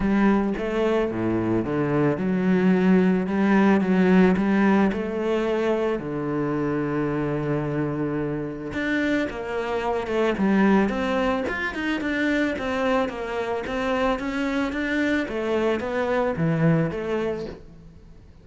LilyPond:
\new Staff \with { instrumentName = "cello" } { \time 4/4 \tempo 4 = 110 g4 a4 a,4 d4 | fis2 g4 fis4 | g4 a2 d4~ | d1 |
d'4 ais4. a8 g4 | c'4 f'8 dis'8 d'4 c'4 | ais4 c'4 cis'4 d'4 | a4 b4 e4 a4 | }